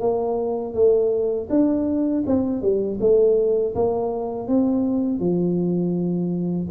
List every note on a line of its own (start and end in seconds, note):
0.00 0.74 A#3
0.74 1.48 A3
1.49 2.24 D4
2.26 2.61 C4
2.61 2.98 G3
3.00 3.74 A3
3.75 4.48 A#3
4.48 5.19 C4
5.19 6.67 F3